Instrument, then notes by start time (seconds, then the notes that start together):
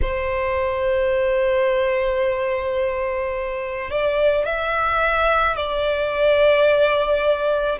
violin
0.02 C5
3.90 D5
4.45 E5
5.56 D5